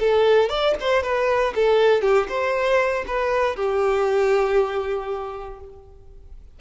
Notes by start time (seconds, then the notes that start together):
0.00 A4
0.50 D5
0.80 C5
1.03 B4
1.55 A4
2.02 G4
2.29 C5
3.07 B4
3.56 G4